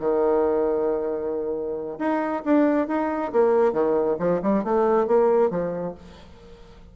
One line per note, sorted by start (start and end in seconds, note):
0.00 1.99 D#3
1.99 2.43 D#4
2.45 2.88 D4
2.88 3.32 D#4
3.33 3.73 A#3
3.73 4.17 D#3
4.20 4.42 F3
4.43 4.64 G3
4.64 5.07 A3
5.07 5.51 A#3
5.51 5.95 F3